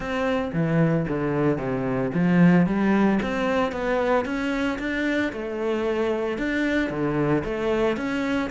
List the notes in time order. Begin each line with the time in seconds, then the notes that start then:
0.00 C4
0.53 E3
1.08 D3
1.58 C3
2.14 F3
2.66 G3
3.22 C4
3.72 B3
4.25 C#4
4.78 D4
5.32 A3
6.38 D4
6.90 D3
7.44 A3
7.96 C#4